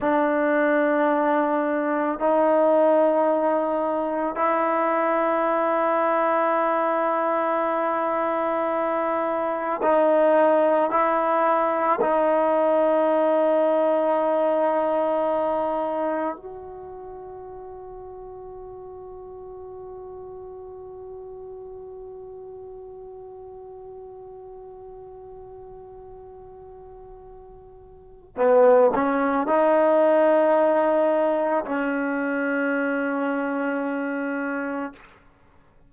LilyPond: \new Staff \with { instrumentName = "trombone" } { \time 4/4 \tempo 4 = 55 d'2 dis'2 | e'1~ | e'4 dis'4 e'4 dis'4~ | dis'2. fis'4~ |
fis'1~ | fis'1~ | fis'2 b8 cis'8 dis'4~ | dis'4 cis'2. | }